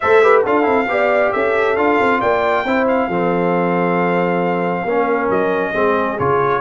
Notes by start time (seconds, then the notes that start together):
0.00 A3 A4 C5 E5
0.22 G4 B4
0.42 D4 F4 A4 F5
0.62 C4 E4
0.87 B3 G4 D5
1.32 C#4 A4 E5
1.76 D4 F4 F5
2.00 C4
2.19 A#3 D5 G5
2.64 C4 E4 C5
2.87 F5
3.07 F3 C4 A4
4.84 A#3 C#4 A#4
5.29 F#3 D#5
5.71 G#3 C4 G#4
6.18 C#3 F4 C#5